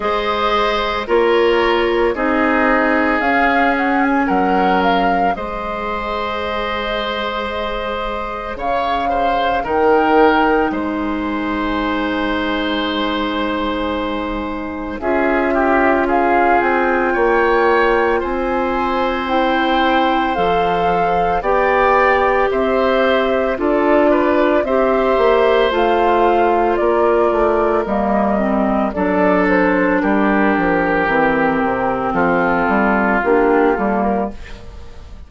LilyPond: <<
  \new Staff \with { instrumentName = "flute" } { \time 4/4 \tempo 4 = 56 dis''4 cis''4 dis''4 f''8 fis''16 gis''16 | fis''8 f''8 dis''2. | f''4 g''4 gis''2~ | gis''2 e''4 f''8 g''8~ |
g''4 gis''4 g''4 f''4 | g''4 e''4 d''4 e''4 | f''4 d''4 dis''4 d''8 c''8 | ais'2 a'4 g'8 a'16 ais'16 | }
  \new Staff \with { instrumentName = "oboe" } { \time 4/4 c''4 ais'4 gis'2 | ais'4 c''2. | cis''8 c''8 ais'4 c''2~ | c''2 gis'8 g'8 gis'4 |
cis''4 c''2. | d''4 c''4 a'8 b'8 c''4~ | c''4 ais'2 a'4 | g'2 f'2 | }
  \new Staff \with { instrumentName = "clarinet" } { \time 4/4 gis'4 f'4 dis'4 cis'4~ | cis'4 gis'2.~ | gis'4 dis'2.~ | dis'2 f'2~ |
f'2 e'4 a'4 | g'2 f'4 g'4 | f'2 ais8 c'8 d'4~ | d'4 c'2 d'8 ais8 | }
  \new Staff \with { instrumentName = "bassoon" } { \time 4/4 gis4 ais4 c'4 cis'4 | fis4 gis2. | cis4 dis4 gis2~ | gis2 cis'4. c'8 |
ais4 c'2 f4 | b4 c'4 d'4 c'8 ais8 | a4 ais8 a8 g4 fis4 | g8 f8 e8 c8 f8 g8 ais8 g8 | }
>>